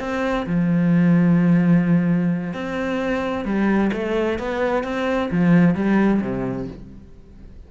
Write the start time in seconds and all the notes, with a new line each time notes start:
0.00 C4
0.47 F3
2.54 C4
3.45 G3
3.93 A3
4.39 B3
4.84 C4
5.32 F3
5.75 G3
6.22 C3